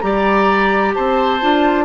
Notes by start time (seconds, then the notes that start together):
0.00 G3 G4 D5 A#5
0.94 C4 C5 A5
1.41 D4 F4